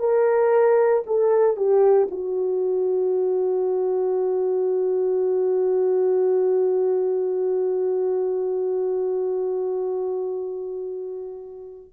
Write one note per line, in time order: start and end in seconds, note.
0.00 1.03 A#4
1.07 1.57 A4
1.57 2.08 G4
2.11 11.93 F#4